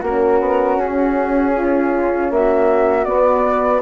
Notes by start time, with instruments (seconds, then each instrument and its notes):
0.00 bassoon A#3, horn C#4, flute F#4 A#4
0.40 bassoon B3
0.76 bassoon C#4, flute G#4
1.55 flute F4
2.30 bassoon A#3, flute F#4 E5
3.04 horn B3, bassoon B3, flute D5